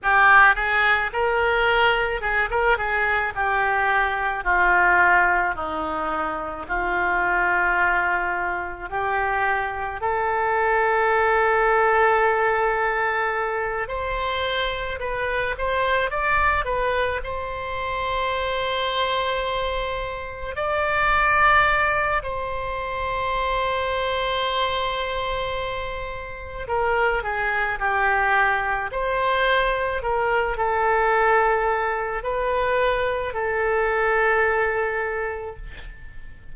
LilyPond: \new Staff \with { instrumentName = "oboe" } { \time 4/4 \tempo 4 = 54 g'8 gis'8 ais'4 gis'16 ais'16 gis'8 g'4 | f'4 dis'4 f'2 | g'4 a'2.~ | a'8 c''4 b'8 c''8 d''8 b'8 c''8~ |
c''2~ c''8 d''4. | c''1 | ais'8 gis'8 g'4 c''4 ais'8 a'8~ | a'4 b'4 a'2 | }